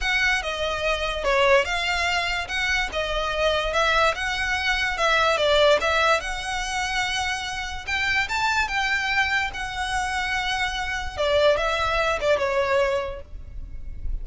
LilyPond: \new Staff \with { instrumentName = "violin" } { \time 4/4 \tempo 4 = 145 fis''4 dis''2 cis''4 | f''2 fis''4 dis''4~ | dis''4 e''4 fis''2 | e''4 d''4 e''4 fis''4~ |
fis''2. g''4 | a''4 g''2 fis''4~ | fis''2. d''4 | e''4. d''8 cis''2 | }